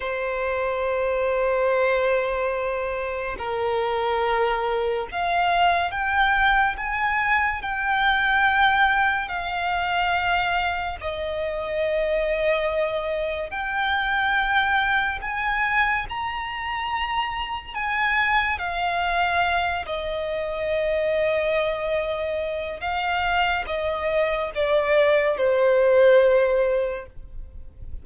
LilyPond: \new Staff \with { instrumentName = "violin" } { \time 4/4 \tempo 4 = 71 c''1 | ais'2 f''4 g''4 | gis''4 g''2 f''4~ | f''4 dis''2. |
g''2 gis''4 ais''4~ | ais''4 gis''4 f''4. dis''8~ | dis''2. f''4 | dis''4 d''4 c''2 | }